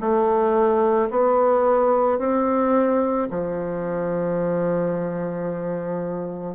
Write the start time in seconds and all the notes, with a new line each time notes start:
0.00 A3
1.10 B3
2.19 C4
3.30 F3